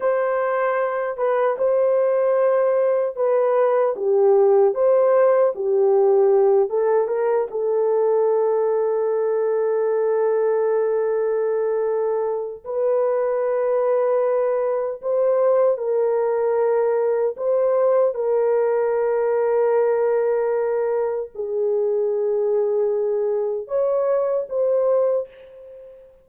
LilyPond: \new Staff \with { instrumentName = "horn" } { \time 4/4 \tempo 4 = 76 c''4. b'8 c''2 | b'4 g'4 c''4 g'4~ | g'8 a'8 ais'8 a'2~ a'8~ | a'1 |
b'2. c''4 | ais'2 c''4 ais'4~ | ais'2. gis'4~ | gis'2 cis''4 c''4 | }